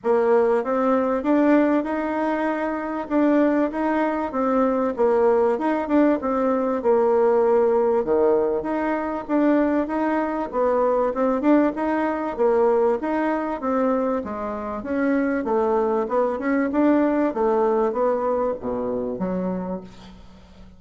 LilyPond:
\new Staff \with { instrumentName = "bassoon" } { \time 4/4 \tempo 4 = 97 ais4 c'4 d'4 dis'4~ | dis'4 d'4 dis'4 c'4 | ais4 dis'8 d'8 c'4 ais4~ | ais4 dis4 dis'4 d'4 |
dis'4 b4 c'8 d'8 dis'4 | ais4 dis'4 c'4 gis4 | cis'4 a4 b8 cis'8 d'4 | a4 b4 b,4 fis4 | }